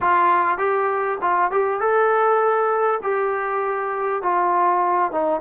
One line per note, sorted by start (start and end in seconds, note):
0.00 0.58 F4
0.58 1.18 G4
1.21 1.51 F4
1.51 1.80 G4
1.80 3.00 A4
3.02 4.22 G4
4.22 5.11 F4
5.11 5.41 D#4